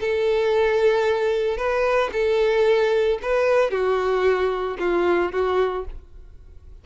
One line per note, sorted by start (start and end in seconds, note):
0.00 1.57 A4
1.57 2.10 B4
2.12 3.19 A4
3.22 3.70 B4
3.70 4.76 F#4
4.79 5.32 F4
5.32 5.85 F#4